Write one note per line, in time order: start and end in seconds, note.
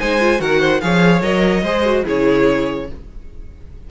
0.00 0.40 G#3
0.00 0.21 D#4
0.00 0.41 C5
0.00 0.41 G#5
0.21 0.38 F4
0.38 0.81 D#3
0.38 0.80 F#4
0.38 0.61 A#4
0.38 0.81 F#5
0.61 0.81 C5
0.81 1.21 F3
0.81 1.23 G#4
0.81 1.64 C#5
0.81 1.22 F5
1.21 1.62 F#3
1.21 1.64 A#4
1.21 2.05 D#5
1.63 2.04 G#3
1.63 1.86 G#4
1.63 2.05 C5
1.86 2.05 F#4
2.05 2.90 C#3
2.05 2.88 E4
2.05 2.87 G#4
2.05 2.90 C#5